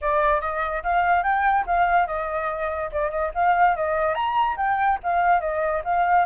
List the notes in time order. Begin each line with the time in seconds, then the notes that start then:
0.01 D5
0.41 D#5
0.83 F5
1.23 G5
1.66 F5
2.06 D#5
2.91 D5
3.10 D#5
3.34 F5
3.76 D#5
4.14 A#5
4.57 G5
5.03 F5
5.40 D#5
5.84 F5